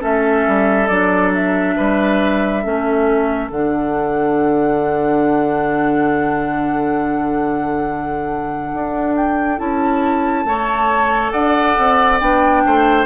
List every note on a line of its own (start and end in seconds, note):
0.00 0.47 A3
0.00 0.87 C#4
0.00 1.75 A4
0.00 0.88 E5
0.47 0.89 G3
0.88 1.76 F#3
0.88 2.63 D4
0.88 1.31 D5
1.34 3.51 E5
1.77 2.65 G3
1.77 2.63 B4
2.63 3.50 A3
2.63 3.50 C#4
2.63 10.46 A4
3.50 8.72 D3
3.50 9.58 D4
3.50 9.15 F#5
8.74 9.60 D4
9.15 9.59 G5
9.58 10.45 C#4
9.58 10.45 E4
9.58 11.32 A5
10.45 11.32 A3
10.45 12.21 A4
10.45 11.32 C#5
11.32 11.77 D4
11.32 12.63 D5
11.32 12.19 F#5
11.78 12.21 C4
12.20 12.65 B3
12.20 13.05 D4
12.20 13.05 G5
12.66 13.05 A3
12.66 13.05 C5